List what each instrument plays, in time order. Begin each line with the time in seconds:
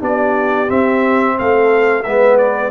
0.00 tuba B3, trombone D4, horn G4, trumpet D5
0.67 trombone C4, tuba C4, trumpet E5
1.38 tuba A3, horn A4, trumpet F5
2.03 tuba G#3, trombone B3, horn B4, trumpet E5
2.38 trumpet D5